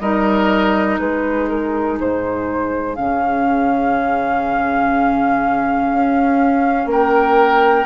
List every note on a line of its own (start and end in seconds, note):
0.00 0.98 G3
0.00 2.97 D#4
0.00 1.00 A#4
0.00 0.99 D#5
0.99 1.99 G#3
0.99 6.90 G#4
0.99 1.48 B4
1.49 1.98 A#4
2.00 2.97 G#2
2.00 2.96 C5
2.96 5.92 C#3
2.96 7.86 C#4
2.96 6.89 F5
5.92 6.86 C#4
6.86 7.85 A#3
6.86 7.86 A#4
6.86 7.86 G5